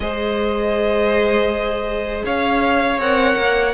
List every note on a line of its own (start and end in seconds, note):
0.00 2.23 G#3
0.00 3.01 G#4
0.00 2.25 C5
0.00 2.23 D#5
2.25 2.98 C#4
2.25 3.74 C#5
2.25 3.00 F5
2.98 3.35 C4
2.98 3.74 A#4
2.98 3.74 F#5
3.37 3.74 A#3